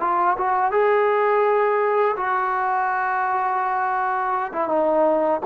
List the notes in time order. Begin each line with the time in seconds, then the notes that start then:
0.00 F4
0.37 F#4
0.71 G#4
2.17 F#4
4.52 E4
4.68 D#4